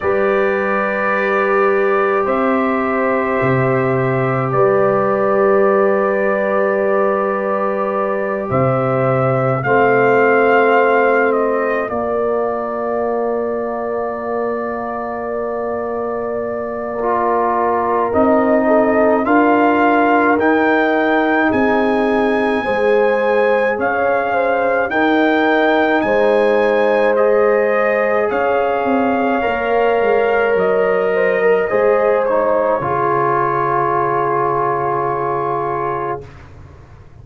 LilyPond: <<
  \new Staff \with { instrumentName = "trumpet" } { \time 4/4 \tempo 4 = 53 d''2 e''2 | d''2.~ d''8 e''8~ | e''8 f''4. dis''8 d''4.~ | d''1 |
dis''4 f''4 g''4 gis''4~ | gis''4 f''4 g''4 gis''4 | dis''4 f''2 dis''4~ | dis''8 cis''2.~ cis''8 | }
  \new Staff \with { instrumentName = "horn" } { \time 4/4 b'2 c''2 | b'2.~ b'8 c''8~ | c''8 f'2.~ f'8~ | f'2. ais'4~ |
ais'8 a'8 ais'2 gis'4 | c''4 cis''8 c''8 ais'4 c''4~ | c''4 cis''2~ cis''8 c''16 ais'16 | c''4 gis'2. | }
  \new Staff \with { instrumentName = "trombone" } { \time 4/4 g'1~ | g'1~ | g'8 c'2 ais4.~ | ais2. f'4 |
dis'4 f'4 dis'2 | gis'2 dis'2 | gis'2 ais'2 | gis'8 dis'8 f'2. | }
  \new Staff \with { instrumentName = "tuba" } { \time 4/4 g2 c'4 c4 | g2.~ g8 c8~ | c8 a2 ais4.~ | ais1 |
c'4 d'4 dis'4 c'4 | gis4 cis'4 dis'4 gis4~ | gis4 cis'8 c'8 ais8 gis8 fis4 | gis4 cis2. | }
>>